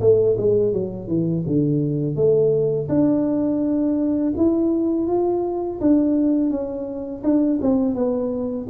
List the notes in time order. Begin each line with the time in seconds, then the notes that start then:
0.00 A3
0.37 G#3
0.72 F#3
1.07 E3
1.46 D3
2.16 A3
2.88 D4
4.36 E4
5.07 F4
5.80 D4
6.50 C#4
7.23 D4
7.61 C4
7.94 B3